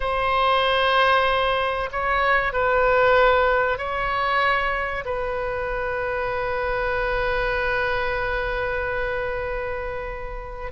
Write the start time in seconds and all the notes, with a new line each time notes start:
0.00 C5
1.91 C#5
2.53 B4
3.78 C#5
5.05 B4